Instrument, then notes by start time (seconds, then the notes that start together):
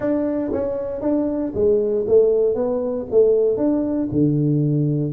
tuba
0.00 D4
0.52 C#4
1.01 D4
1.54 G#3
2.07 A3
2.55 B3
3.10 A3
3.57 D4
4.11 D3